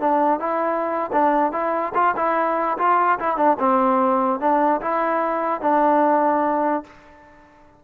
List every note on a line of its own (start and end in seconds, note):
0.00 0.40 D4
0.40 1.11 E4
1.12 1.52 D4
1.52 1.93 E4
1.95 2.15 F4
2.17 2.78 E4
2.78 3.19 F4
3.19 3.37 E4
3.37 3.57 D4
3.59 4.40 C4
4.40 4.81 D4
4.81 5.61 E4
5.61 6.83 D4